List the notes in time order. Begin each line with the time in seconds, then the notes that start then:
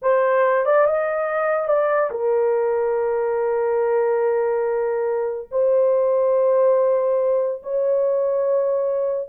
0.02 C5
0.65 D5
0.86 D#5
1.67 D5
2.10 A#4
5.51 C5
7.62 C#5